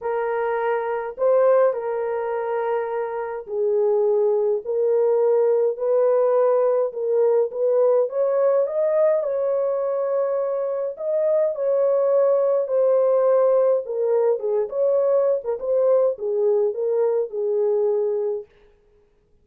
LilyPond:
\new Staff \with { instrumentName = "horn" } { \time 4/4 \tempo 4 = 104 ais'2 c''4 ais'4~ | ais'2 gis'2 | ais'2 b'2 | ais'4 b'4 cis''4 dis''4 |
cis''2. dis''4 | cis''2 c''2 | ais'4 gis'8 cis''4~ cis''16 ais'16 c''4 | gis'4 ais'4 gis'2 | }